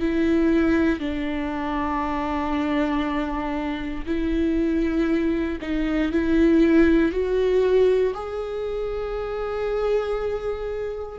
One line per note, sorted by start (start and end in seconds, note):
0.00 0.99 E4
0.99 4.04 D4
4.06 5.58 E4
5.61 6.12 D#4
6.12 7.12 E4
7.12 8.14 F#4
8.14 11.19 G#4